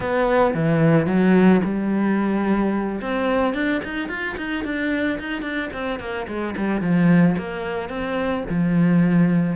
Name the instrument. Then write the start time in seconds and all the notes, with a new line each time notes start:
cello
0.00 B3
0.54 E3
1.06 F#3
1.64 G3
3.01 C4
3.54 D4
3.84 D#4
4.08 F4
4.37 D#4
4.64 D4
5.19 D#4
5.41 D4
5.73 C4
5.99 A#3
6.27 G#3
6.57 G3
6.81 F3
7.37 A#3
7.89 C4
8.49 F3